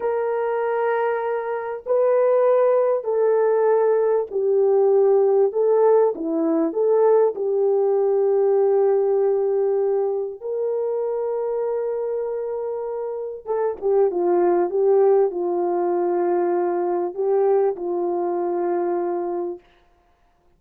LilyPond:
\new Staff \with { instrumentName = "horn" } { \time 4/4 \tempo 4 = 98 ais'2. b'4~ | b'4 a'2 g'4~ | g'4 a'4 e'4 a'4 | g'1~ |
g'4 ais'2.~ | ais'2 a'8 g'8 f'4 | g'4 f'2. | g'4 f'2. | }